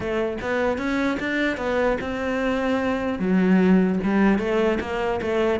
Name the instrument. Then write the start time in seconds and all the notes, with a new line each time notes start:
cello
0.00 A3
0.41 B3
0.77 C#4
1.19 D4
1.57 B3
2.00 C4
3.19 F#3
4.03 G3
4.38 A3
4.80 A#3
5.21 A3